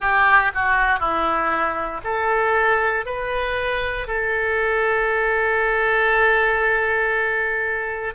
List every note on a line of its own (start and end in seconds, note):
0.00 0.51 G4
0.54 0.99 F#4
0.99 2.01 E4
2.03 3.05 A4
3.05 4.07 B4
4.07 8.14 A4